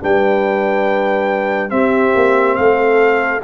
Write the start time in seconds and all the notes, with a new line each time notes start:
0.00 G3 D4 B4 G5
1.69 C4 G4 E5
2.15 A#3
2.56 A3 A4 F5